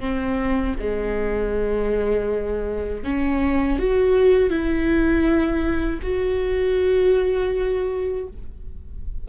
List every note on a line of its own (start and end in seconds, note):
0.00 0.75 C4
0.79 3.04 G#3
3.04 3.79 C#4
3.79 4.50 F#4
4.50 6.00 E4
6.02 8.27 F#4